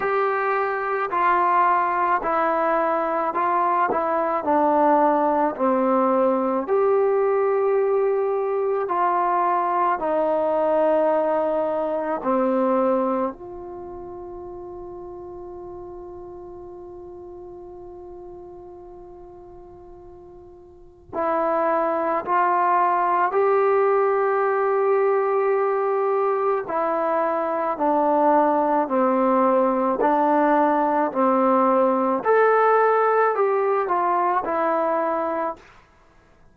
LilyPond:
\new Staff \with { instrumentName = "trombone" } { \time 4/4 \tempo 4 = 54 g'4 f'4 e'4 f'8 e'8 | d'4 c'4 g'2 | f'4 dis'2 c'4 | f'1~ |
f'2. e'4 | f'4 g'2. | e'4 d'4 c'4 d'4 | c'4 a'4 g'8 f'8 e'4 | }